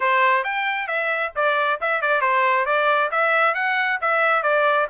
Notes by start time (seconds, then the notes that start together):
0.00 C5
0.44 G5
0.87 E5
1.35 D5
1.80 E5
2.01 D5
2.21 C5
2.65 D5
3.11 E5
3.54 F#5
4.01 E5
4.42 D5